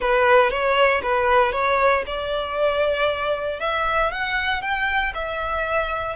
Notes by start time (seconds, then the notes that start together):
0.00 B4
0.50 C#5
1.02 B4
1.52 C#5
2.06 D5
3.60 E5
4.11 F#5
4.61 G5
5.14 E5